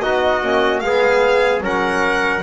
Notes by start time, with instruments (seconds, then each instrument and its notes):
0.00 double bass B3, trombone D#4, trumpet F#4, violin D#5
0.42 double bass A#3, trombone C#4
0.80 double bass G#3, trombone B3, trumpet G#4, violin F5
1.61 double bass F#3, trombone C#4, trumpet A#4, violin F#5